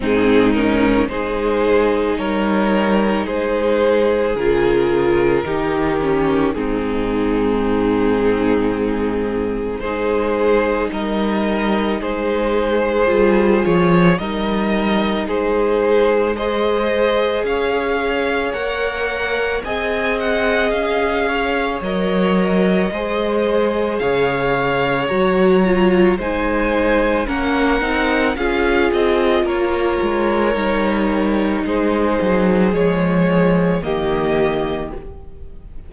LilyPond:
<<
  \new Staff \with { instrumentName = "violin" } { \time 4/4 \tempo 4 = 55 gis'8 ais'8 c''4 cis''4 c''4 | ais'2 gis'2~ | gis'4 c''4 dis''4 c''4~ | c''8 cis''8 dis''4 c''4 dis''4 |
f''4 fis''4 gis''8 fis''8 f''4 | dis''2 f''4 ais''4 | gis''4 fis''4 f''8 dis''8 cis''4~ | cis''4 c''4 cis''4 dis''4 | }
  \new Staff \with { instrumentName = "violin" } { \time 4/4 dis'4 gis'4 ais'4 gis'4~ | gis'4 g'4 dis'2~ | dis'4 gis'4 ais'4 gis'4~ | gis'4 ais'4 gis'4 c''4 |
cis''2 dis''4. cis''8~ | cis''4 c''4 cis''2 | c''4 ais'4 gis'4 ais'4~ | ais'4 gis'2 g'4 | }
  \new Staff \with { instrumentName = "viola" } { \time 4/4 c'8 cis'8 dis'2. | f'4 dis'8 cis'8 c'2~ | c'4 dis'2. | f'4 dis'2 gis'4~ |
gis'4 ais'4 gis'2 | ais'4 gis'2 fis'8 f'8 | dis'4 cis'8 dis'8 f'2 | dis'2 gis4 ais4 | }
  \new Staff \with { instrumentName = "cello" } { \time 4/4 gis,4 gis4 g4 gis4 | cis4 dis4 gis,2~ | gis,4 gis4 g4 gis4 | g8 f8 g4 gis2 |
cis'4 ais4 c'4 cis'4 | fis4 gis4 cis4 fis4 | gis4 ais8 c'8 cis'8 c'8 ais8 gis8 | g4 gis8 fis8 f4 dis4 | }
>>